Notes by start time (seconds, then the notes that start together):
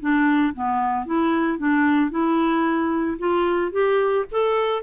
0.00 D4
0.54 B3
1.06 E4
1.58 D4
2.11 E4
3.19 F4
3.72 G4
4.31 A4